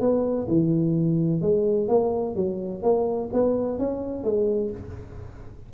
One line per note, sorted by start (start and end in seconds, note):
0.00 0.47 B3
0.48 1.41 E3
1.41 1.88 G#3
1.88 2.35 A#3
2.35 2.82 F#3
2.83 3.30 A#3
3.33 3.78 B3
3.78 4.23 C#4
4.23 4.71 G#3